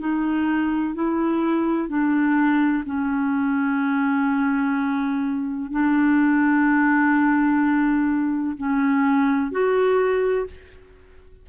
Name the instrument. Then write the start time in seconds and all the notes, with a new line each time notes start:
clarinet
0.00 D#4
0.95 E4
1.89 D4
2.85 C#4
5.71 D4
8.57 C#4
9.52 F#4